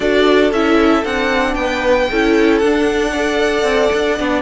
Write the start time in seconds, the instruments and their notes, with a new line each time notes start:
0.00 cello D4, viola F#4, violin A4 D5
0.51 cello C#4, viola E4, violin E5
1.04 cello C4, viola D4, violin F#5
1.54 cello B3, violin B4 G5
2.10 cello C#4, viola E4, violin A4
2.58 cello D4, viola D4, violin F#5
3.11 viola A4, violin D5
3.62 cello C4
3.93 cello D4
4.18 cello B3, viola D4